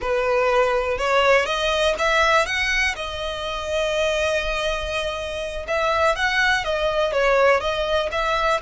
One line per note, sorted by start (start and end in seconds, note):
0.01 0.98 B4
0.98 1.45 C#5
1.45 1.94 D#5
1.98 2.46 E5
2.46 2.95 F#5
2.95 5.66 D#5
5.67 6.15 E5
6.15 6.64 F#5
6.64 7.12 D#5
7.12 7.60 C#5
7.60 8.09 D#5
8.11 8.60 E5